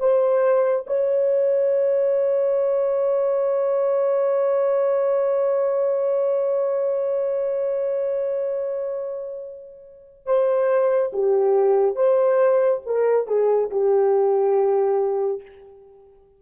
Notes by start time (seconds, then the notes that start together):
0.00 C5
0.87 C#5
10.26 C5
11.13 G4
11.96 C5
12.86 A#4
13.27 G#4
13.71 G4